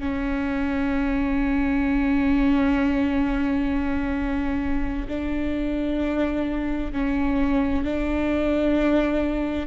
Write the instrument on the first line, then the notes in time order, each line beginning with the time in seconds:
viola
0.00 C#4
5.09 D4
6.93 C#4
7.85 D4